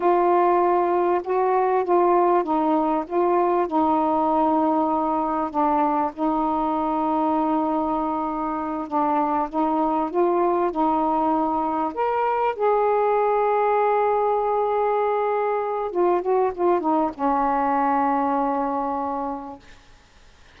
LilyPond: \new Staff \with { instrumentName = "saxophone" } { \time 4/4 \tempo 4 = 98 f'2 fis'4 f'4 | dis'4 f'4 dis'2~ | dis'4 d'4 dis'2~ | dis'2~ dis'8 d'4 dis'8~ |
dis'8 f'4 dis'2 ais'8~ | ais'8 gis'2.~ gis'8~ | gis'2 f'8 fis'8 f'8 dis'8 | cis'1 | }